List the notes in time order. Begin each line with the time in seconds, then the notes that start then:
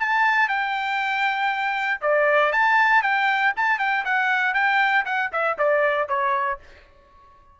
0.00 A5
0.49 G5
2.02 D5
2.53 A5
3.03 G5
3.57 A5
3.79 G5
4.05 F#5
4.54 G5
5.06 F#5
5.33 E5
5.58 D5
6.09 C#5